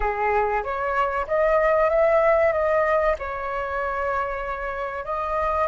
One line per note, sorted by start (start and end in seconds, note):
0.00 0.63 G#4
0.63 1.26 C#5
1.27 1.89 D#5
1.89 2.52 E5
2.52 3.15 D#5
3.18 5.04 C#5
5.04 5.67 D#5